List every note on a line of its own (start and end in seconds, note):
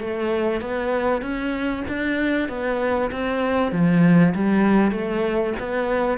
0.00 0.61 A3
0.61 1.21 B3
1.21 1.83 C#4
1.88 2.49 D4
2.49 3.10 B3
3.11 3.72 C4
3.72 4.34 F3
4.34 4.91 G3
4.91 5.53 A3
5.59 6.18 B3